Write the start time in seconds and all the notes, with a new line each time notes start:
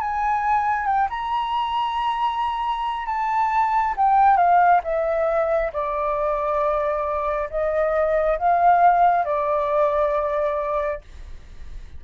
0.00 G#5
0.87 G5
1.10 A#5
3.06 A5
3.97 G5
4.37 F5
4.84 E5
5.73 D5
7.50 D#5
8.39 F5
9.25 D5